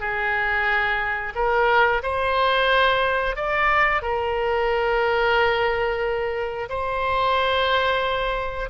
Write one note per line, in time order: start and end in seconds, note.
0.00 1.33 G#4
1.35 2.02 A#4
2.03 3.36 C5
3.36 4.02 D5
4.02 6.69 A#4
6.69 8.69 C5